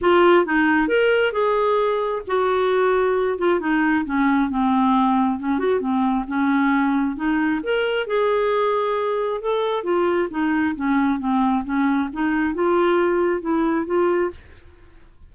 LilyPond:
\new Staff \with { instrumentName = "clarinet" } { \time 4/4 \tempo 4 = 134 f'4 dis'4 ais'4 gis'4~ | gis'4 fis'2~ fis'8 f'8 | dis'4 cis'4 c'2 | cis'8 fis'8 c'4 cis'2 |
dis'4 ais'4 gis'2~ | gis'4 a'4 f'4 dis'4 | cis'4 c'4 cis'4 dis'4 | f'2 e'4 f'4 | }